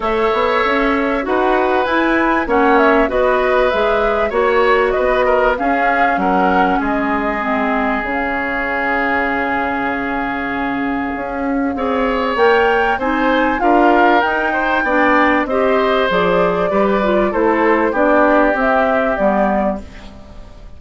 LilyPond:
<<
  \new Staff \with { instrumentName = "flute" } { \time 4/4 \tempo 4 = 97 e''2 fis''4 gis''4 | fis''8 e''8 dis''4 e''4 cis''4 | dis''4 f''4 fis''4 dis''4~ | dis''4 f''2.~ |
f''1 | g''4 gis''4 f''4 g''4~ | g''4 dis''4 d''2 | c''4 d''4 e''4 d''4 | }
  \new Staff \with { instrumentName = "oboe" } { \time 4/4 cis''2 b'2 | cis''4 b'2 cis''4 | b'8 ais'8 gis'4 ais'4 gis'4~ | gis'1~ |
gis'2. cis''4~ | cis''4 c''4 ais'4. c''8 | d''4 c''2 b'4 | a'4 g'2. | }
  \new Staff \with { instrumentName = "clarinet" } { \time 4/4 a'2 fis'4 e'4 | cis'4 fis'4 gis'4 fis'4~ | fis'4 cis'2. | c'4 cis'2.~ |
cis'2. gis'4 | ais'4 dis'4 f'4 dis'4 | d'4 g'4 gis'4 g'8 f'8 | e'4 d'4 c'4 b4 | }
  \new Staff \with { instrumentName = "bassoon" } { \time 4/4 a8 b8 cis'4 dis'4 e'4 | ais4 b4 gis4 ais4 | b4 cis'4 fis4 gis4~ | gis4 cis2.~ |
cis2 cis'4 c'4 | ais4 c'4 d'4 dis'4 | b4 c'4 f4 g4 | a4 b4 c'4 g4 | }
>>